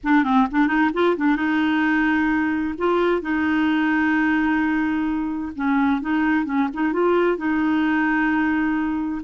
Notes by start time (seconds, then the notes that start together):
0.03 D4
0.23 C4
0.51 D4
0.67 D#4
0.93 F4
1.16 D4
1.36 D#4
2.78 F4
3.21 D#4
5.55 C#4
6.01 D#4
6.45 C#4
6.73 D#4
6.92 F4
7.37 D#4